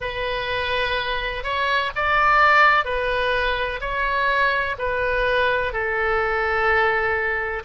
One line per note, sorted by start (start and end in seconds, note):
0.00 1.43 B4
1.43 1.90 C#5
1.95 2.84 D5
2.84 3.80 B4
3.81 4.76 C#5
4.78 5.72 B4
5.72 7.63 A4